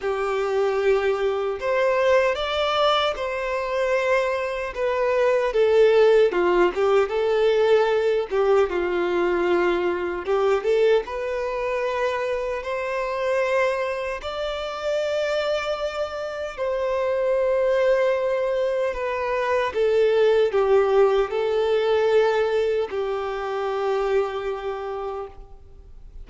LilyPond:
\new Staff \with { instrumentName = "violin" } { \time 4/4 \tempo 4 = 76 g'2 c''4 d''4 | c''2 b'4 a'4 | f'8 g'8 a'4. g'8 f'4~ | f'4 g'8 a'8 b'2 |
c''2 d''2~ | d''4 c''2. | b'4 a'4 g'4 a'4~ | a'4 g'2. | }